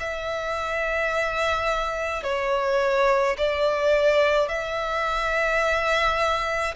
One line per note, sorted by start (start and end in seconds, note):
0.00 2.24 E5
2.24 3.37 C#5
3.38 4.49 D5
4.49 6.76 E5